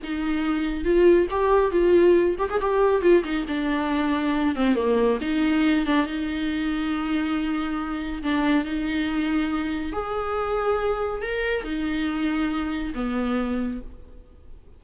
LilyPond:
\new Staff \with { instrumentName = "viola" } { \time 4/4 \tempo 4 = 139 dis'2 f'4 g'4 | f'4. g'16 gis'16 g'4 f'8 dis'8 | d'2~ d'8 c'8 ais4 | dis'4. d'8 dis'2~ |
dis'2. d'4 | dis'2. gis'4~ | gis'2 ais'4 dis'4~ | dis'2 b2 | }